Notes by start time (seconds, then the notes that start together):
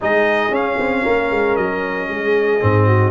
0.00 G#3 D#4 G#4 D#5
0.50 C#4 F5
0.79 C4
1.02 A#3 A#4
1.30 G#3
1.56 F#3 D#5
2.08 G#3 G#4
2.60 G#2 C4
2.86 F#4